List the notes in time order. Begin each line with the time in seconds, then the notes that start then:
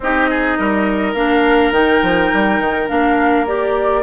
0.00 C4 D#4 G4 D#5
0.30 G#4
0.58 G3 A#4
1.13 A#3 D4 F5
1.71 D#3 D#4 G5
2.02 F3
2.33 G3
2.60 D#3
2.88 A#3 D4 F5
3.46 G4 D5